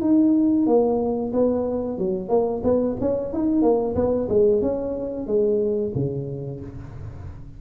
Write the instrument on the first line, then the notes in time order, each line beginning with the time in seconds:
tuba
0.00 D#4
0.66 A#3
1.32 B3
1.98 F#3
2.29 A#3
2.63 B3
3.00 C#4
3.33 D#4
3.61 A#3
3.95 B3
4.28 G#3
4.61 C#4
5.26 G#3
5.94 C#3